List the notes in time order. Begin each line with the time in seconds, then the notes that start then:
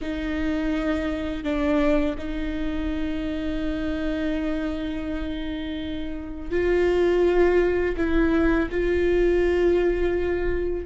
0.01 D#4
1.43 D4
2.18 D#4
6.51 F4
7.96 E4
8.70 F4